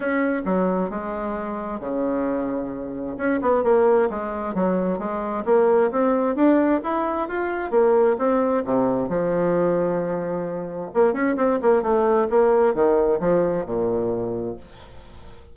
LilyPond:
\new Staff \with { instrumentName = "bassoon" } { \time 4/4 \tempo 4 = 132 cis'4 fis4 gis2 | cis2. cis'8 b8 | ais4 gis4 fis4 gis4 | ais4 c'4 d'4 e'4 |
f'4 ais4 c'4 c4 | f1 | ais8 cis'8 c'8 ais8 a4 ais4 | dis4 f4 ais,2 | }